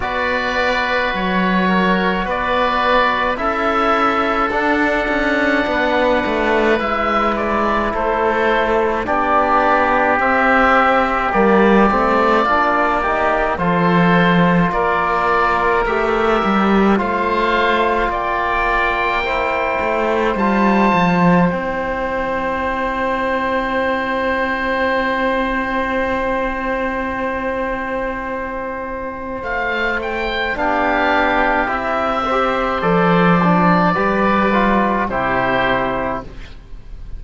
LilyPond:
<<
  \new Staff \with { instrumentName = "oboe" } { \time 4/4 \tempo 4 = 53 d''4 cis''4 d''4 e''4 | fis''2 e''8 d''8 c''4 | d''4 e''4 d''2 | c''4 d''4 e''4 f''4 |
g''2 a''4 g''4~ | g''1~ | g''2 f''8 g''8 f''4 | e''4 d''2 c''4 | }
  \new Staff \with { instrumentName = "oboe" } { \time 4/4 b'4. ais'8 b'4 a'4~ | a'4 b'2 a'4 | g'2. f'8 g'8 | a'4 ais'2 c''4 |
d''4 c''2.~ | c''1~ | c''2. g'4~ | g'8 c''4. b'4 g'4 | }
  \new Staff \with { instrumentName = "trombone" } { \time 4/4 fis'2. e'4 | d'2 e'2 | d'4 c'4 ais8 c'8 d'8 dis'8 | f'2 g'4 f'4~ |
f'4 e'4 f'4 e'4~ | e'1~ | e'2. d'4 | e'8 g'8 a'8 d'8 g'8 f'8 e'4 | }
  \new Staff \with { instrumentName = "cello" } { \time 4/4 b4 fis4 b4 cis'4 | d'8 cis'8 b8 a8 gis4 a4 | b4 c'4 g8 a8 ais4 | f4 ais4 a8 g8 a4 |
ais4. a8 g8 f8 c'4~ | c'1~ | c'2 a4 b4 | c'4 f4 g4 c4 | }
>>